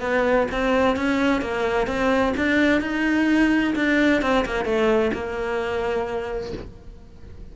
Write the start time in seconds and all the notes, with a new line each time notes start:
0.00 B3
0.51 C4
0.96 C#4
1.41 A#3
1.87 C4
2.37 D4
2.81 D#4
3.75 D4
4.21 C4
4.45 A#3
4.64 A3
5.13 A#3